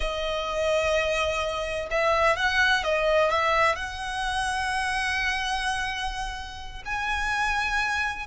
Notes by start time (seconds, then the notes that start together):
0.00 D#5
1.90 E5
2.36 F#5
2.83 D#5
3.30 E5
3.75 F#5
6.85 G#5